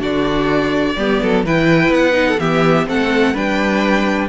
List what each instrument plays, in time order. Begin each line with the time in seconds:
0.00 cello D3, viola D4, violin F#4 D5
0.96 cello G3, viola B3, violin G4
1.23 cello F#3, violin A4
1.45 cello E3, viola E4, violin B4 G5
1.89 cello B3, violin F#5
2.12 viola D#4
2.28 violin A4
2.39 cello E3, viola B3, violin G4 E5
2.87 cello A3, viola C4, violin A4 F#5
3.34 cello G3, viola D4, violin B4 G5